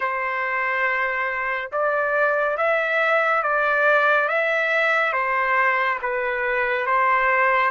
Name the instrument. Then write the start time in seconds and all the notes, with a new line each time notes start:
trumpet
0.00 C5
1.71 D5
2.57 E5
3.42 D5
4.28 E5
5.12 C5
6.02 B4
6.86 C5